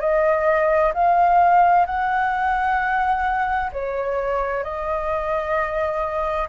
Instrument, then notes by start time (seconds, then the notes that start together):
flute
0.00 D#5
0.94 F5
1.86 F#5
3.72 C#5
4.63 D#5